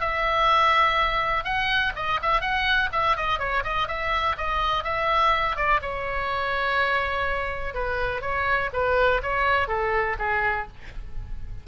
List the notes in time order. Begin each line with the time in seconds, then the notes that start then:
0.00 E5
1.44 F#5
1.96 D#5
2.22 E5
2.41 F#5
2.92 E5
3.16 D#5
3.39 C#5
3.64 D#5
3.88 E5
4.37 D#5
4.84 E5
5.56 D5
5.82 C#5
7.74 B4
8.21 C#5
8.73 B4
9.22 C#5
9.68 A4
10.19 G#4